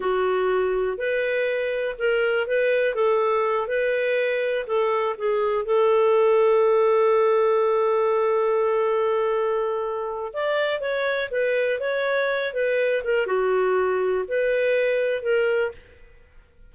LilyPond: \new Staff \with { instrumentName = "clarinet" } { \time 4/4 \tempo 4 = 122 fis'2 b'2 | ais'4 b'4 a'4. b'8~ | b'4. a'4 gis'4 a'8~ | a'1~ |
a'1~ | a'4 d''4 cis''4 b'4 | cis''4. b'4 ais'8 fis'4~ | fis'4 b'2 ais'4 | }